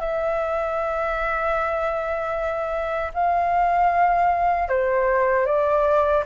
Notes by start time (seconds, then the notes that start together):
0.00 E5
3.13 F5
4.68 C5
5.46 D5